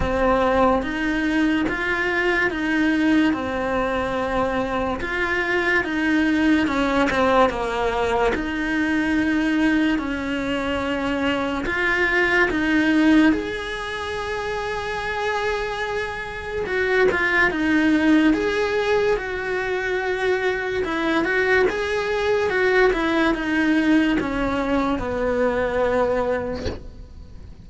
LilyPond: \new Staff \with { instrumentName = "cello" } { \time 4/4 \tempo 4 = 72 c'4 dis'4 f'4 dis'4 | c'2 f'4 dis'4 | cis'8 c'8 ais4 dis'2 | cis'2 f'4 dis'4 |
gis'1 | fis'8 f'8 dis'4 gis'4 fis'4~ | fis'4 e'8 fis'8 gis'4 fis'8 e'8 | dis'4 cis'4 b2 | }